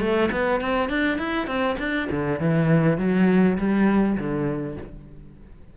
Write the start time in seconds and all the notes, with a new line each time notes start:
0.00 A3
0.31 B3
0.60 C4
0.89 D4
1.18 E4
1.47 C4
1.79 D4
2.11 D3
2.40 E3
2.98 F#3
3.58 G3
4.17 D3